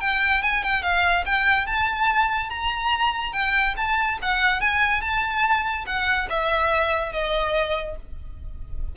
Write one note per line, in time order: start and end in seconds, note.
0.00 0.42 G5
0.42 0.63 G#5
0.63 0.82 G5
0.82 1.24 F5
1.25 1.66 G5
1.66 2.49 A5
2.49 3.33 A#5
3.33 3.75 G5
3.76 4.18 A5
4.22 4.60 F#5
4.60 5.01 G#5
5.01 5.85 A5
5.86 6.28 F#5
6.29 7.12 E5
7.12 7.96 D#5